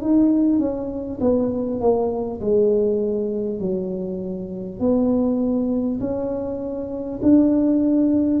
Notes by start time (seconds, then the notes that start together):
0.00 D#4
0.58 C#4
1.20 B3
1.80 A#3
2.41 G#3
3.59 F#3
4.79 B3
6.00 C#4
7.22 D4